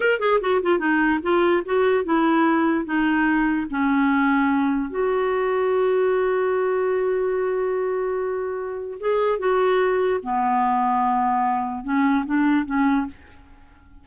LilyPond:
\new Staff \with { instrumentName = "clarinet" } { \time 4/4 \tempo 4 = 147 ais'8 gis'8 fis'8 f'8 dis'4 f'4 | fis'4 e'2 dis'4~ | dis'4 cis'2. | fis'1~ |
fis'1~ | fis'2 gis'4 fis'4~ | fis'4 b2.~ | b4 cis'4 d'4 cis'4 | }